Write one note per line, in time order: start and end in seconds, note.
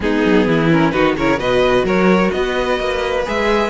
0.00 0.23 G#3
0.00 0.70 B3
0.00 0.48 D#4
0.00 0.71 G#4
0.25 0.46 F#3
0.46 0.92 E3
0.46 0.93 E4
0.70 0.92 C#4
0.70 0.91 A#4
0.91 1.16 D#3
0.91 1.16 D#4
0.91 1.16 F#4
0.91 1.14 B4
1.16 1.38 C#3
1.16 1.37 E4
1.16 1.39 A#4
1.16 1.39 C#5
1.37 1.83 B2
1.37 3.23 F#4
1.37 1.85 B4
1.37 1.86 D#5
1.83 2.29 F#3
1.83 2.31 A#4
1.83 2.31 C#5
2.31 2.79 B3
2.31 3.70 B4
2.31 3.24 D#5
2.79 3.26 A#3
3.25 3.70 G#3
3.25 3.70 G#4
3.25 3.70 E5